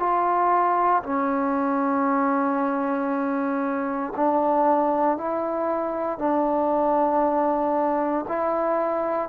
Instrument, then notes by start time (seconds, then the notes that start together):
trombone
0.00 F4
1.03 C#4
4.17 D4
5.18 E4
6.19 D4
8.29 E4